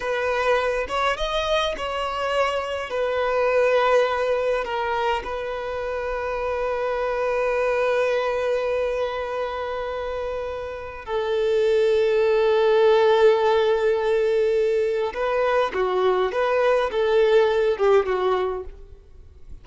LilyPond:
\new Staff \with { instrumentName = "violin" } { \time 4/4 \tempo 4 = 103 b'4. cis''8 dis''4 cis''4~ | cis''4 b'2. | ais'4 b'2.~ | b'1~ |
b'2. a'4~ | a'1~ | a'2 b'4 fis'4 | b'4 a'4. g'8 fis'4 | }